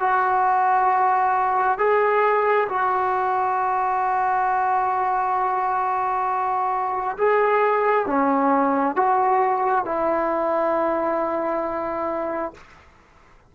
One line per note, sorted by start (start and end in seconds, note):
0.00 1.79 F#4
1.79 2.68 G#4
2.69 7.17 F#4
7.18 8.06 G#4
8.06 8.96 C#4
8.96 9.85 F#4
9.85 12.54 E4